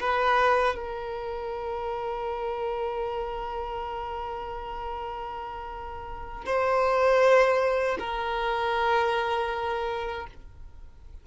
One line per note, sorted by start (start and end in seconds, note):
0.00 0.76 B4
0.76 6.46 A#4
6.46 7.97 C5
7.99 10.27 A#4